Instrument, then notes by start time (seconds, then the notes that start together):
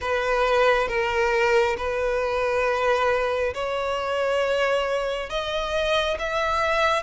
violin
0.00 B4
0.88 A#4
1.77 B4
3.54 C#5
5.29 D#5
6.18 E5